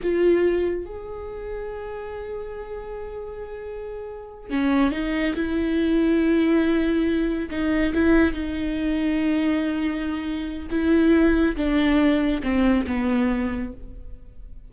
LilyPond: \new Staff \with { instrumentName = "viola" } { \time 4/4 \tempo 4 = 140 f'2 gis'2~ | gis'1~ | gis'2~ gis'8 cis'4 dis'8~ | dis'8 e'2.~ e'8~ |
e'4. dis'4 e'4 dis'8~ | dis'1~ | dis'4 e'2 d'4~ | d'4 c'4 b2 | }